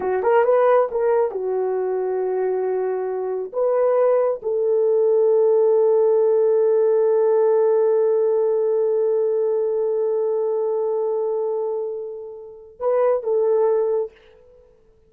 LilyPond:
\new Staff \with { instrumentName = "horn" } { \time 4/4 \tempo 4 = 136 fis'8 ais'8 b'4 ais'4 fis'4~ | fis'1 | b'2 a'2~ | a'1~ |
a'1~ | a'1~ | a'1~ | a'4 b'4 a'2 | }